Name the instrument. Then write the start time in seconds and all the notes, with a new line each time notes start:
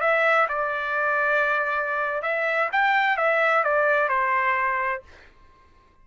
trumpet
0.00 E5
0.48 D5
2.22 E5
2.72 G5
3.17 E5
3.63 D5
4.08 C5